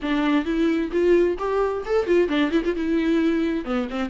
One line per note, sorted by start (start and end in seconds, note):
0.01 0.45 D4
0.45 0.91 E4
0.91 1.37 F4
1.38 1.83 G4
1.85 2.06 A4
2.06 2.28 F4
2.28 2.51 D4
2.51 2.62 E4
2.64 2.75 F4
2.75 3.65 E4
3.65 3.87 B3
3.90 4.09 C4